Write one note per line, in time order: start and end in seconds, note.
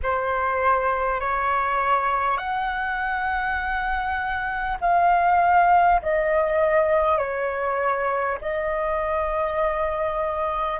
0.02 1.20 C5
1.20 2.37 C#5
2.37 4.77 F#5
4.80 6.00 F5
6.02 7.17 D#5
7.17 8.37 C#5
8.41 10.79 D#5